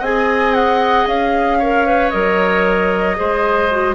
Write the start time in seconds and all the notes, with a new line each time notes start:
0.00 C4 G#4 D#5 G#5
0.54 F#5
1.06 C#4 F5
1.59 A#4 C#5
1.87 B4
2.10 F#3 A#4 D#5
3.16 G#3 G#4 C5
3.71 F#4